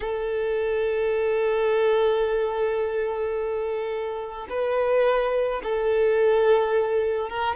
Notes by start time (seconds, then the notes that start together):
0.00 A4
4.49 B4
5.63 A4
7.29 A#4